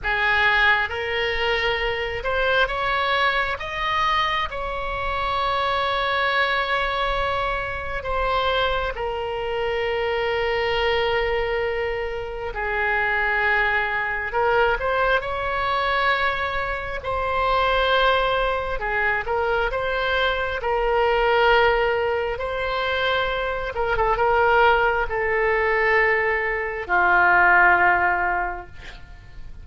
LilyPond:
\new Staff \with { instrumentName = "oboe" } { \time 4/4 \tempo 4 = 67 gis'4 ais'4. c''8 cis''4 | dis''4 cis''2.~ | cis''4 c''4 ais'2~ | ais'2 gis'2 |
ais'8 c''8 cis''2 c''4~ | c''4 gis'8 ais'8 c''4 ais'4~ | ais'4 c''4. ais'16 a'16 ais'4 | a'2 f'2 | }